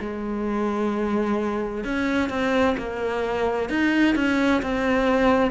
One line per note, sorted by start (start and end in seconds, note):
0.00 1.85 G#3
1.85 2.30 C#4
2.30 2.76 C4
2.78 3.70 A#3
3.70 4.16 D#4
4.16 4.62 C#4
4.62 5.51 C4